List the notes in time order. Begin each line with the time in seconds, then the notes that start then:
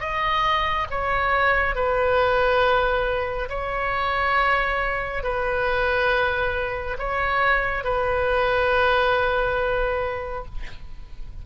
0.00 D#5
0.91 C#5
1.75 B4
3.49 C#5
5.23 B4
6.98 C#5
7.84 B4